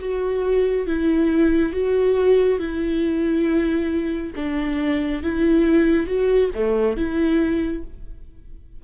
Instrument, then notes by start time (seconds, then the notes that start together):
viola
0.00 F#4
0.87 E4
1.73 F#4
2.60 E4
4.36 D4
5.23 E4
6.07 F#4
6.55 A3
6.97 E4